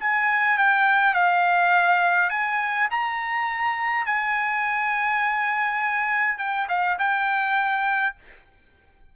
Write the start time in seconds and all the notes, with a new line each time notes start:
0.00 G#5
0.58 G5
1.14 F5
2.30 G#5
2.91 A#5
4.06 G#5
6.39 G5
6.69 F5
6.99 G5